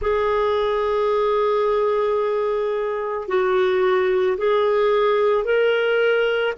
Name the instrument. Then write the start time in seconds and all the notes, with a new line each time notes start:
clarinet
0.01 G#4
3.28 F#4
4.37 G#4
5.44 A#4